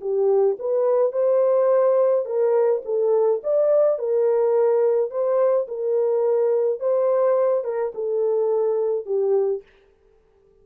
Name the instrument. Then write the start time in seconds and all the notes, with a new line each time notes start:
horn
0.00 G4
0.59 B4
1.12 C5
2.25 A#4
2.85 A4
3.43 D5
3.98 A#4
5.10 C5
5.67 A#4
6.80 C5
7.64 A#4
7.95 A4
9.05 G4